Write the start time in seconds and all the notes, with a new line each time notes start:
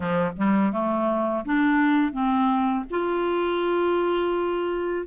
0.00 F3
0.36 G3
0.72 A3
1.45 D4
2.12 C4
2.90 F4